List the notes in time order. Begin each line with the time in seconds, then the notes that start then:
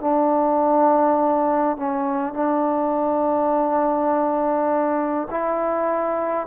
0.00 D4
1.76 C#4
2.33 D4
5.30 E4